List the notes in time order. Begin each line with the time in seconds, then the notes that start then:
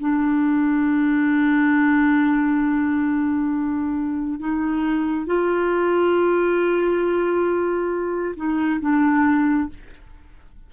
0.00 D4
4.40 D#4
5.26 F4
8.36 D#4
8.81 D4